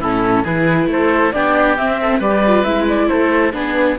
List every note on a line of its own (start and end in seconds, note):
0.00 0.44 A2
0.00 0.45 C#4
0.00 0.43 E4
0.00 0.45 A4
0.43 0.86 E3
0.43 1.33 E4
0.43 0.87 G#4
0.43 0.89 B4
0.86 1.31 A3
0.86 1.34 A4
0.86 1.32 C5
1.32 1.78 B3
1.32 1.77 D4
1.32 2.00 G4
1.32 1.76 D5
1.77 2.21 C4
1.77 2.19 C4
1.77 2.21 E5
2.01 2.18 A4
2.18 2.64 G3
2.18 2.43 G4
2.18 3.07 B4
2.18 2.64 D5
2.47 2.66 F4
2.64 3.09 G#3
2.64 3.52 E4
2.64 2.86 E5
2.88 3.08 D5
3.08 3.53 A3
3.08 3.53 A4
3.08 3.52 C5
3.52 3.97 B3
3.52 3.97 D4
3.52 3.98 G#4
3.52 3.98 B4